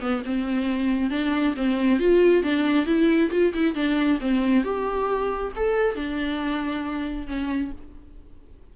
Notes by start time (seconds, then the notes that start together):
0.00 B3
0.25 C4
1.10 D4
1.56 C4
1.99 F4
2.43 D4
2.86 E4
3.30 F4
3.54 E4
3.74 D4
4.20 C4
4.63 G4
5.55 A4
5.95 D4
7.27 C#4